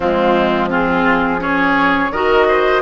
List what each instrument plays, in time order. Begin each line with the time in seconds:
0.00 bassoon F3, clarinet G#3, oboe C4, flute F4
0.69 clarinet C4, oboe F4, flute G#4
1.39 clarinet C#4, oboe G#4, flute C#5
2.11 bassoon D#3, clarinet F#4, oboe A#4, flute D#5
2.48 oboe C5